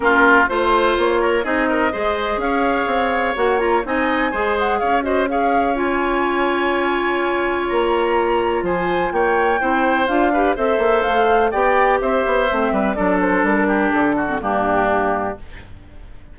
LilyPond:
<<
  \new Staff \with { instrumentName = "flute" } { \time 4/4 \tempo 4 = 125 ais'4 c''4 cis''4 dis''4~ | dis''4 f''2 fis''8 ais''8 | gis''4. fis''8 f''8 dis''8 f''4 | gis''1 |
ais''2 gis''4 g''4~ | g''4 f''4 e''4 f''4 | g''4 e''2 d''8 c''8 | ais'4 a'4 g'2 | }
  \new Staff \with { instrumentName = "oboe" } { \time 4/4 f'4 c''4. ais'8 gis'8 ais'8 | c''4 cis''2. | dis''4 c''4 cis''8 c''8 cis''4~ | cis''1~ |
cis''2 c''4 cis''4 | c''4. b'8 c''2 | d''4 c''4. b'8 a'4~ | a'8 g'4 fis'8 d'2 | }
  \new Staff \with { instrumentName = "clarinet" } { \time 4/4 cis'4 f'2 dis'4 | gis'2. fis'8 f'8 | dis'4 gis'4. fis'8 gis'4 | f'1~ |
f'1 | e'4 f'8 g'8 a'2 | g'2 c'4 d'4~ | d'4.~ d'16 c'16 ais2 | }
  \new Staff \with { instrumentName = "bassoon" } { \time 4/4 ais4 a4 ais4 c'4 | gis4 cis'4 c'4 ais4 | c'4 gis4 cis'2~ | cis'1 |
ais2 f4 ais4 | c'4 d'4 c'8 ais8 a4 | b4 c'8 b8 a8 g8 fis4 | g4 d4 g,2 | }
>>